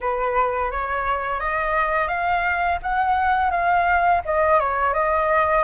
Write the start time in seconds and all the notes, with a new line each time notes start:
0.01 B4
0.71 C#5
1.39 D#5
2.08 F5
2.82 F#5
3.50 F5
4.25 D#5
4.59 C#5
4.93 D#5